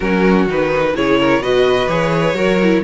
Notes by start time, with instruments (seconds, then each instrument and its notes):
0.00 cello F#3, viola C#4, violin F#4 A#4
0.46 cello D#3, viola D#4, violin B4
0.95 cello C#3, viola E4, violin G#4 C#5
1.19 violin A#4
1.39 cello B2, viola F#4, violin B4 D#5
1.88 cello E3, viola G#4, violin C#5
2.34 cello F#3, viola F#4, violin A#4
2.62 viola E4